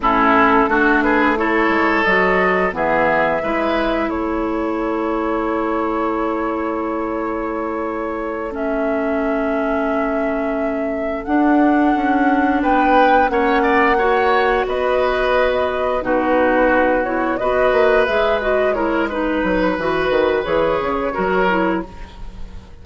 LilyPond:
<<
  \new Staff \with { instrumentName = "flute" } { \time 4/4 \tempo 4 = 88 a'4. b'8 cis''4 dis''4 | e''2 cis''2~ | cis''1~ | cis''8 e''2.~ e''8~ |
e''8 fis''2 g''4 fis''8~ | fis''4. dis''2 b'8~ | b'4 cis''8 dis''4 e''8 dis''8 cis''8 | b'2 cis''2 | }
  \new Staff \with { instrumentName = "oboe" } { \time 4/4 e'4 fis'8 gis'8 a'2 | gis'4 b'4 a'2~ | a'1~ | a'1~ |
a'2~ a'8 b'4 cis''8 | d''8 cis''4 b'2 fis'8~ | fis'4. b'2 ais'8 | b'2. ais'4 | }
  \new Staff \with { instrumentName = "clarinet" } { \time 4/4 cis'4 d'4 e'4 fis'4 | b4 e'2.~ | e'1~ | e'8 cis'2.~ cis'8~ |
cis'8 d'2. cis'8~ | cis'8 fis'2. dis'8~ | dis'4 e'8 fis'4 gis'8 fis'8 e'8 | dis'4 fis'4 gis'4 fis'8 e'8 | }
  \new Staff \with { instrumentName = "bassoon" } { \time 4/4 a,4 a4. gis8 fis4 | e4 gis4 a2~ | a1~ | a1~ |
a8 d'4 cis'4 b4 ais8~ | ais4. b2 b,8~ | b,4. b8 ais8 gis4.~ | gis8 fis8 e8 dis8 e8 cis8 fis4 | }
>>